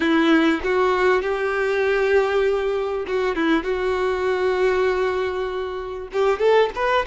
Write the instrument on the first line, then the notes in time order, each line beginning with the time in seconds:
violin
0.00 E4
0.63 F#4
1.21 G4
3.07 F#4
3.35 E4
3.63 F#4
6.12 G4
6.39 A4
6.75 B4